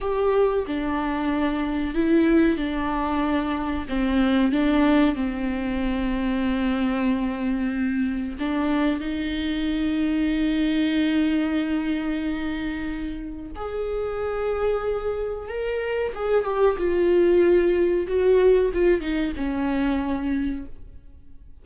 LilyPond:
\new Staff \with { instrumentName = "viola" } { \time 4/4 \tempo 4 = 93 g'4 d'2 e'4 | d'2 c'4 d'4 | c'1~ | c'4 d'4 dis'2~ |
dis'1~ | dis'4 gis'2. | ais'4 gis'8 g'8 f'2 | fis'4 f'8 dis'8 cis'2 | }